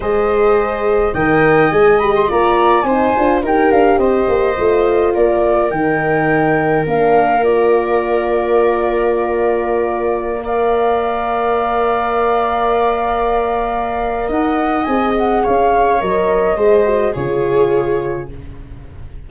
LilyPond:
<<
  \new Staff \with { instrumentName = "flute" } { \time 4/4 \tempo 4 = 105 dis''2 g''4 gis''8 b''16 c'''16 | ais''4 gis''4 g''8 f''8 dis''4~ | dis''4 d''4 g''2 | f''4 d''2.~ |
d''2~ d''16 f''4.~ f''16~ | f''1~ | f''4 fis''4 gis''8 fis''8 f''4 | dis''2 cis''2 | }
  \new Staff \with { instrumentName = "viola" } { \time 4/4 c''2 dis''2 | d''4 c''4 ais'4 c''4~ | c''4 ais'2.~ | ais'1~ |
ais'2~ ais'16 d''4.~ d''16~ | d''1~ | d''4 dis''2 cis''4~ | cis''4 c''4 gis'2 | }
  \new Staff \with { instrumentName = "horn" } { \time 4/4 gis'2 ais'4 gis'8 g'8 | f'4 dis'8 f'8 g'2 | f'2 dis'2 | d'4 f'2.~ |
f'2~ f'16 ais'4.~ ais'16~ | ais'1~ | ais'2 gis'2 | ais'4 gis'8 fis'8 f'2 | }
  \new Staff \with { instrumentName = "tuba" } { \time 4/4 gis2 dis4 gis4 | ais4 c'8 d'8 dis'8 d'8 c'8 ais8 | a4 ais4 dis2 | ais1~ |
ais1~ | ais1~ | ais4 dis'4 c'4 cis'4 | fis4 gis4 cis2 | }
>>